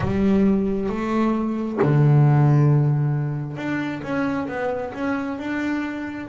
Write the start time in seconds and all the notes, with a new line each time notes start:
0.00 G3
0.89 A3
1.82 D3
3.57 D4
4.02 C#4
4.48 B3
4.93 C#4
5.38 D4